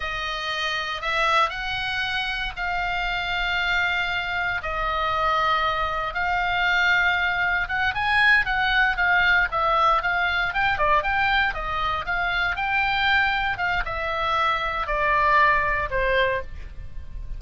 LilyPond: \new Staff \with { instrumentName = "oboe" } { \time 4/4 \tempo 4 = 117 dis''2 e''4 fis''4~ | fis''4 f''2.~ | f''4 dis''2. | f''2. fis''8 gis''8~ |
gis''8 fis''4 f''4 e''4 f''8~ | f''8 g''8 d''8 g''4 dis''4 f''8~ | f''8 g''2 f''8 e''4~ | e''4 d''2 c''4 | }